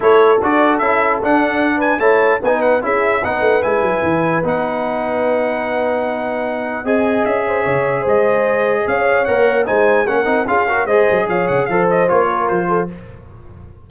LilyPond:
<<
  \new Staff \with { instrumentName = "trumpet" } { \time 4/4 \tempo 4 = 149 cis''4 d''4 e''4 fis''4~ | fis''8 gis''8 a''4 gis''8 fis''8 e''4 | fis''4 gis''2 fis''4~ | fis''1~ |
fis''4 gis''4 e''2 | dis''2 f''4 fis''4 | gis''4 fis''4 f''4 dis''4 | f''8 fis''8 f''8 dis''8 cis''4 c''4 | }
  \new Staff \with { instrumentName = "horn" } { \time 4/4 a'1~ | a'8 b'8 cis''4 b'4 gis'4 | b'1~ | b'1~ |
b'4 dis''4. c''8 cis''4 | c''2 cis''2 | c''4 ais'4 gis'8 ais'8 c''4 | cis''4 c''4. ais'4 a'8 | }
  \new Staff \with { instrumentName = "trombone" } { \time 4/4 e'4 fis'4 e'4 d'4~ | d'4 e'4 dis'4 e'4 | dis'4 e'2 dis'4~ | dis'1~ |
dis'4 gis'2.~ | gis'2. ais'4 | dis'4 cis'8 dis'8 f'8 fis'8 gis'4~ | gis'4 a'4 f'2 | }
  \new Staff \with { instrumentName = "tuba" } { \time 4/4 a4 d'4 cis'4 d'4~ | d'4 a4 b4 cis'4 | b8 a8 gis8 fis8 e4 b4~ | b1~ |
b4 c'4 cis'4 cis4 | gis2 cis'4 ais4 | gis4 ais8 c'8 cis'4 gis8 fis8 | f8 cis8 f4 ais4 f4 | }
>>